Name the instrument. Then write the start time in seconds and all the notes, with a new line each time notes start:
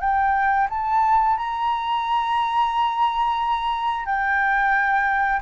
flute
0.00 G5
0.70 A5
1.37 A#5
4.05 G5